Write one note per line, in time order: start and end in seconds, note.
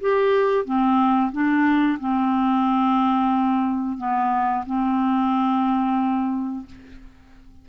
0.00 0.65 G4
0.65 1.31 C4
1.32 1.98 D4
1.99 3.97 C4
3.97 4.64 B3
4.65 6.65 C4